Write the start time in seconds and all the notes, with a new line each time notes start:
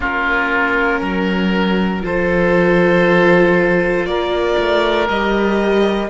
0.00 A#3 C#4 F4 A#4
1.00 F#3 A#4
2.01 F3 F4 A4 C5
4.05 A#3 A#4 D5
4.57 A3
5.08 G3 G4 D#5